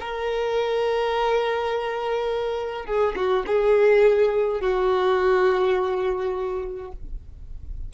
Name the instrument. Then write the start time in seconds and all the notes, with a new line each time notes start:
violin
0.00 A#4
2.85 G#4
3.16 F#4
3.47 G#4
4.60 F#4